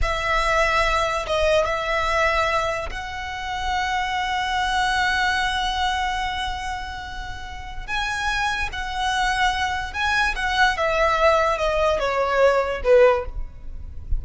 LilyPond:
\new Staff \with { instrumentName = "violin" } { \time 4/4 \tempo 4 = 145 e''2. dis''4 | e''2. fis''4~ | fis''1~ | fis''1~ |
fis''2. gis''4~ | gis''4 fis''2. | gis''4 fis''4 e''2 | dis''4 cis''2 b'4 | }